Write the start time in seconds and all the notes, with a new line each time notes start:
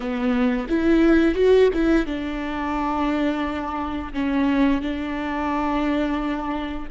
0.00 B3
0.69 E4
1.34 F#4
1.73 E4
2.06 D4
4.13 C#4
4.81 D4